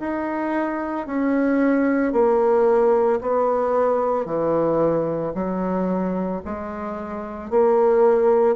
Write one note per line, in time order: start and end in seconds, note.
0.00 1.07 D#4
1.07 2.13 C#4
2.13 3.20 A#3
3.21 4.26 B3
4.26 5.33 E3
5.35 6.42 F#3
6.45 7.50 G#3
7.50 8.56 A#3